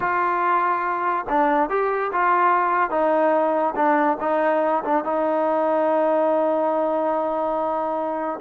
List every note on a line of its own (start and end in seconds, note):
0.00 1.25 F4
1.29 1.69 D4
1.69 2.11 G4
2.12 2.90 F4
2.90 3.74 D#4
3.75 4.17 D4
4.20 4.83 D#4
4.84 5.04 D4
5.04 8.40 D#4